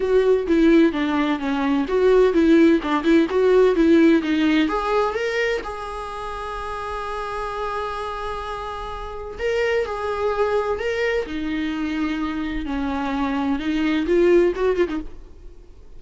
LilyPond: \new Staff \with { instrumentName = "viola" } { \time 4/4 \tempo 4 = 128 fis'4 e'4 d'4 cis'4 | fis'4 e'4 d'8 e'8 fis'4 | e'4 dis'4 gis'4 ais'4 | gis'1~ |
gis'1 | ais'4 gis'2 ais'4 | dis'2. cis'4~ | cis'4 dis'4 f'4 fis'8 f'16 dis'16 | }